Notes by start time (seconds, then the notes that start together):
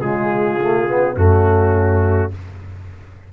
0.00 C#3 G#3 F4 G#4
0.61 A3
0.88 B3
1.16 F#2 A3 C#4 F#4